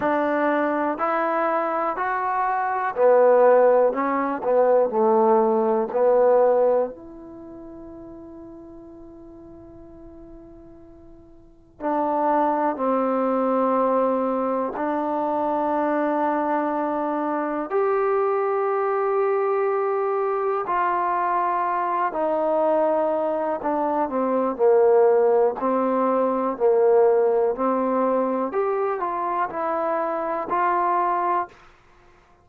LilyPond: \new Staff \with { instrumentName = "trombone" } { \time 4/4 \tempo 4 = 61 d'4 e'4 fis'4 b4 | cis'8 b8 a4 b4 e'4~ | e'1 | d'4 c'2 d'4~ |
d'2 g'2~ | g'4 f'4. dis'4. | d'8 c'8 ais4 c'4 ais4 | c'4 g'8 f'8 e'4 f'4 | }